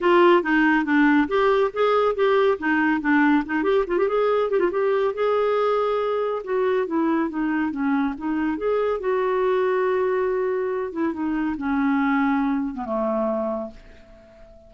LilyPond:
\new Staff \with { instrumentName = "clarinet" } { \time 4/4 \tempo 4 = 140 f'4 dis'4 d'4 g'4 | gis'4 g'4 dis'4 d'4 | dis'8 g'8 f'16 g'16 gis'4 g'16 f'16 g'4 | gis'2. fis'4 |
e'4 dis'4 cis'4 dis'4 | gis'4 fis'2.~ | fis'4. e'8 dis'4 cis'4~ | cis'4.~ cis'16 b16 a2 | }